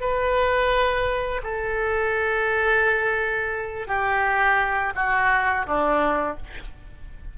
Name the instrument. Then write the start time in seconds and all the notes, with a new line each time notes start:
oboe
0.00 B4
1.43 A4
3.87 G4
4.95 F#4
5.66 D4